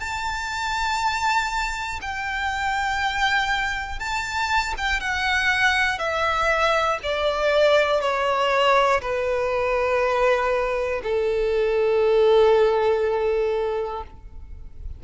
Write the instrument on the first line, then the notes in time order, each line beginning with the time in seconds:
violin
0.00 A5
2.02 G5
4.00 A5
4.78 G5
5.00 F#5
5.99 E5
7.03 D5
8.01 C#5
9.02 B4
11.04 A4